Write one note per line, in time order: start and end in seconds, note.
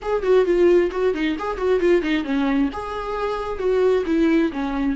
0.02 0.22 G#4
0.22 0.45 F#4
0.45 0.90 F4
0.91 1.14 F#4
1.14 1.36 D#4
1.38 1.57 G#4
1.57 1.79 F#4
1.80 2.02 F4
2.02 2.24 D#4
2.24 2.69 C#4
2.72 3.58 G#4
3.58 4.03 F#4
4.06 4.51 E4
4.52 4.95 C#4